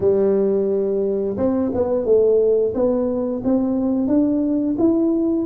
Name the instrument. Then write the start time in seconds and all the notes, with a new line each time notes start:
tuba
0.00 G3
1.37 C4
1.74 B3
2.05 A3
2.74 B3
3.44 C4
4.07 D4
4.78 E4